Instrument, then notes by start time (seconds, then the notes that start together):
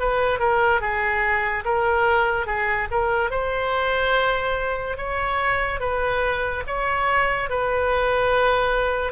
oboe
0.00 B4
0.39 A#4
0.81 G#4
1.65 A#4
2.47 G#4
2.91 A#4
3.31 C5
4.98 C#5
5.80 B4
6.67 C#5
7.50 B4